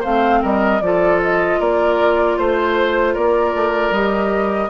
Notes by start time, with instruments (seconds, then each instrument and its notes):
0.00 bassoon A3, clarinet C4, oboe C5, flute F5
0.42 bassoon G3, oboe A#4, flute D#5
0.81 bassoon F3, clarinet F4, oboe A4, flute D5
1.22 flute D#5
1.59 bassoon A#3, oboe A#4, flute D5
2.38 bassoon A3, oboe C5, flute C5
3.13 bassoon A#3, oboe A#4, flute D5
3.55 bassoon A3
3.91 bassoon G3, clarinet G4, flute D#5